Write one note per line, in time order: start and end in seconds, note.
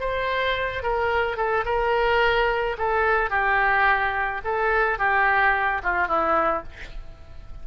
0.00 0.83 C5
0.83 1.37 A#4
1.37 1.64 A4
1.65 2.76 A#4
2.78 3.30 A4
3.30 4.41 G4
4.44 4.98 A4
4.98 5.82 G4
5.83 6.08 F4
6.08 6.63 E4